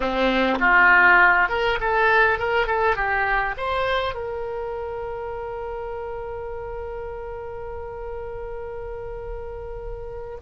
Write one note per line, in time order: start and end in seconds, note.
0.00 0.58 C4
0.59 1.49 F4
1.49 1.78 A#4
1.80 2.38 A4
2.38 2.67 A#4
2.67 2.95 A4
2.95 3.55 G4
3.57 4.14 C5
4.14 10.38 A#4